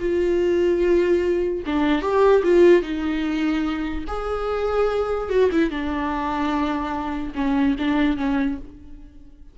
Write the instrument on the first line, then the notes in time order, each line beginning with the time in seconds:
viola
0.00 F4
1.67 D4
2.02 G4
2.44 F4
2.83 D#4
4.08 G#4
5.30 F#4
5.52 E4
5.71 D4
7.35 C#4
7.79 D4
8.17 C#4